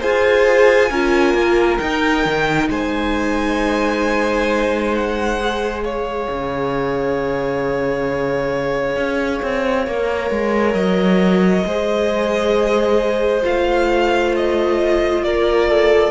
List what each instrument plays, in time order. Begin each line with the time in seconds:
0.00 cello F4, viola G#4, violin C5 G#5
0.90 cello C#4, viola F4, violin A#4
1.34 cello A#3
1.78 cello D#4, viola D#4, violin G5
2.25 cello D#3
2.69 cello G#3, violin C5 G#5
4.96 violin F#5
5.40 viola G#4
5.83 violin C#5 F5
6.29 cello C#3
8.96 cello C#4
9.42 cello C4
9.87 cello A#3, viola A#4
10.31 cello G#3
10.74 cello F#3, violin D#5
11.65 cello G#3, viola G#4, violin C5
13.42 cello A3, viola F4, violin F5
14.36 violin D#5
15.23 cello A#3, violin A#4 D5
15.69 violin A4